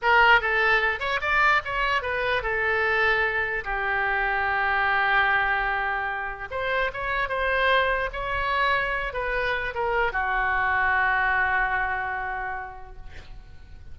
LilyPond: \new Staff \with { instrumentName = "oboe" } { \time 4/4 \tempo 4 = 148 ais'4 a'4. cis''8 d''4 | cis''4 b'4 a'2~ | a'4 g'2.~ | g'1 |
c''4 cis''4 c''2 | cis''2~ cis''8 b'4. | ais'4 fis'2.~ | fis'1 | }